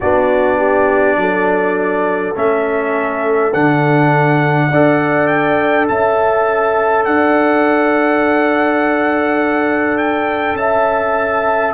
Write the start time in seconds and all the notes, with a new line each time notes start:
0.00 B3 D4 F#4 D5
0.58 G4
1.16 F#3 A4
2.34 A3 C#4 E5
3.53 D3 D4 F#5
4.70 D4 A4 D5
5.27 G5
5.88 C#4 E5 A5
7.04 D4 D5 F#5
9.97 G5
10.54 C#4 E5 A5